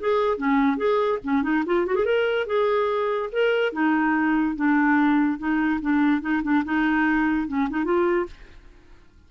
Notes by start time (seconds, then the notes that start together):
0.00 G#4
0.38 C#4
0.77 G#4
1.24 C#4
1.43 D#4
1.66 F4
1.87 F#4
1.96 G#4
2.05 A#4
2.47 G#4
3.32 A#4
3.73 D#4
4.56 D4
5.39 D#4
5.82 D4
6.22 D#4
6.43 D4
6.65 D#4
7.48 C#4
7.70 D#4
7.85 F4